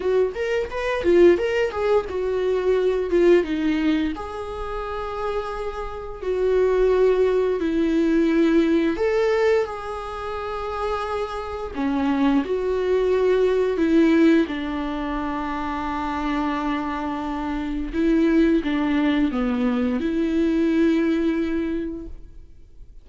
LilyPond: \new Staff \with { instrumentName = "viola" } { \time 4/4 \tempo 4 = 87 fis'8 ais'8 b'8 f'8 ais'8 gis'8 fis'4~ | fis'8 f'8 dis'4 gis'2~ | gis'4 fis'2 e'4~ | e'4 a'4 gis'2~ |
gis'4 cis'4 fis'2 | e'4 d'2.~ | d'2 e'4 d'4 | b4 e'2. | }